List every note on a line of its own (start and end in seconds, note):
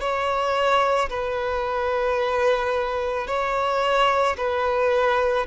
0.00 1.09 C#5
1.10 3.27 B4
3.27 4.36 C#5
4.37 5.46 B4